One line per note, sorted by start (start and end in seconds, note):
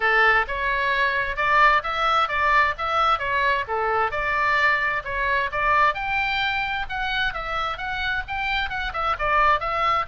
0.00 0.45 A4
0.47 1.36 C#5
1.36 1.82 D5
1.83 2.28 E5
2.28 2.74 D5
2.78 3.19 E5
3.19 3.64 C#5
3.67 4.11 A4
4.11 5.02 D5
5.04 5.50 C#5
5.51 5.94 D5
5.94 6.86 G5
6.89 7.33 F#5
7.33 7.77 E5
7.77 8.23 F#5
8.27 8.69 G5
8.69 8.92 F#5
8.93 9.16 E5
9.18 9.60 D5
9.60 10.05 E5